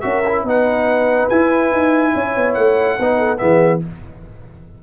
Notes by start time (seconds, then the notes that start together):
0.00 C#4 F#4 A#4 E5
0.27 E4
0.43 B3 D#4 B4 F#5
1.29 E4 G#5
1.72 D#4
2.14 C#4 C#5
2.36 B3
2.54 A3 F#5
2.99 B3 D#4 B4
3.18 A4
3.37 E3 B3 G#4 E5